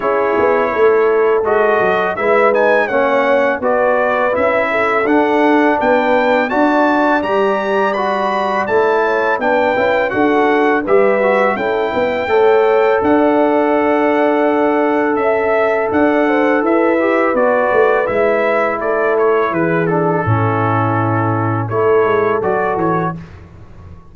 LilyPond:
<<
  \new Staff \with { instrumentName = "trumpet" } { \time 4/4 \tempo 4 = 83 cis''2 dis''4 e''8 gis''8 | fis''4 d''4 e''4 fis''4 | g''4 a''4 ais''4 b''4 | a''4 g''4 fis''4 e''4 |
g''2 fis''2~ | fis''4 e''4 fis''4 e''4 | d''4 e''4 d''8 cis''8 b'8 a'8~ | a'2 cis''4 d''8 cis''8 | }
  \new Staff \with { instrumentName = "horn" } { \time 4/4 gis'4 a'2 b'4 | cis''4 b'4. a'4. | b'4 d''2.~ | d''8 cis''8 b'4 a'4 b'4 |
a'8 b'8 cis''4 d''2~ | d''4 e''4 d''8 c''8 b'4~ | b'2 a'4 gis'4 | e'2 a'2 | }
  \new Staff \with { instrumentName = "trombone" } { \time 4/4 e'2 fis'4 e'8 dis'8 | cis'4 fis'4 e'4 d'4~ | d'4 fis'4 g'4 fis'4 | e'4 d'8 e'8 fis'4 g'8 fis'8 |
e'4 a'2.~ | a'2.~ a'8 g'8 | fis'4 e'2~ e'8 d'8 | cis'2 e'4 fis'4 | }
  \new Staff \with { instrumentName = "tuba" } { \time 4/4 cis'8 b8 a4 gis8 fis8 gis4 | ais4 b4 cis'4 d'4 | b4 d'4 g2 | a4 b8 cis'8 d'4 g4 |
cis'8 b8 a4 d'2~ | d'4 cis'4 d'4 e'4 | b8 a8 gis4 a4 e4 | a,2 a8 gis8 fis8 e8 | }
>>